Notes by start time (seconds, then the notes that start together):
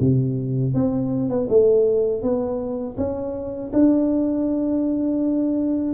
0.00 C3
0.74 C4
1.29 B3
1.49 A3
2.22 B3
2.97 C#4
3.73 D4